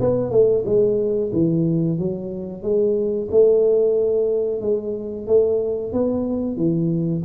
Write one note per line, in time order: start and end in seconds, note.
0.00 0.31 B3
0.31 0.64 A3
0.66 1.32 G#3
1.33 1.98 E3
1.98 2.63 F#3
2.63 3.28 G#3
3.31 4.61 A3
4.61 5.27 G#3
5.27 5.93 A3
5.93 6.57 B3
6.57 7.23 E3